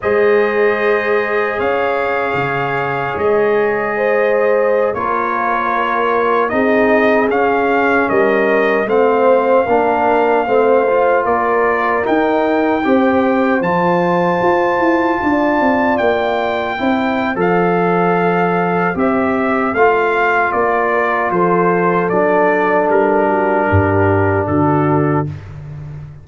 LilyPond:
<<
  \new Staff \with { instrumentName = "trumpet" } { \time 4/4 \tempo 4 = 76 dis''2 f''2 | dis''2~ dis''16 cis''4.~ cis''16~ | cis''16 dis''4 f''4 dis''4 f''8.~ | f''2~ f''16 d''4 g''8.~ |
g''4~ g''16 a''2~ a''8.~ | a''16 g''4.~ g''16 f''2 | e''4 f''4 d''4 c''4 | d''4 ais'2 a'4 | }
  \new Staff \with { instrumentName = "horn" } { \time 4/4 c''2 cis''2~ | cis''4 c''4~ c''16 ais'4.~ ais'16~ | ais'16 gis'2 ais'4 c''8.~ | c''16 ais'4 c''4 ais'4.~ ais'16~ |
ais'16 c''2. d''8.~ | d''4~ d''16 c''2~ c''8.~ | c''2~ c''8 ais'8 a'4~ | a'4. fis'8 g'4 fis'4 | }
  \new Staff \with { instrumentName = "trombone" } { \time 4/4 gis'1~ | gis'2~ gis'16 f'4.~ f'16~ | f'16 dis'4 cis'2 c'8.~ | c'16 d'4 c'8 f'4. dis'8.~ |
dis'16 g'4 f'2~ f'8.~ | f'4~ f'16 e'8. a'2 | g'4 f'2. | d'1 | }
  \new Staff \with { instrumentName = "tuba" } { \time 4/4 gis2 cis'4 cis4 | gis2~ gis16 ais4.~ ais16~ | ais16 c'4 cis'4 g4 a8.~ | a16 ais4 a4 ais4 dis'8.~ |
dis'16 c'4 f4 f'8 e'8 d'8 c'16~ | c'16 ais4 c'8. f2 | c'4 a4 ais4 f4 | fis4 g4 g,4 d4 | }
>>